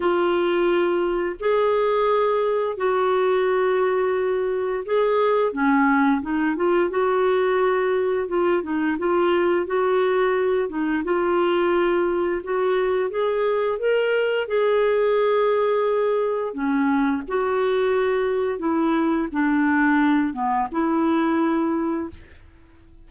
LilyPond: \new Staff \with { instrumentName = "clarinet" } { \time 4/4 \tempo 4 = 87 f'2 gis'2 | fis'2. gis'4 | cis'4 dis'8 f'8 fis'2 | f'8 dis'8 f'4 fis'4. dis'8 |
f'2 fis'4 gis'4 | ais'4 gis'2. | cis'4 fis'2 e'4 | d'4. b8 e'2 | }